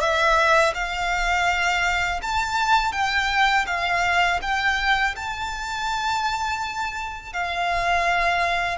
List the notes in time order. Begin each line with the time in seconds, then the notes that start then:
0.00 E5
0.74 F5
2.22 A5
2.92 G5
3.67 F5
4.42 G5
5.16 A5
7.33 F5